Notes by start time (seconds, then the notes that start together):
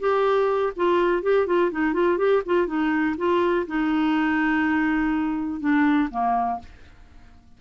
0.00 G4
0.77 F4
1.23 G4
1.47 F4
1.72 D#4
1.94 F4
2.18 G4
2.46 F4
2.67 D#4
3.18 F4
3.67 D#4
5.61 D4
6.11 A#3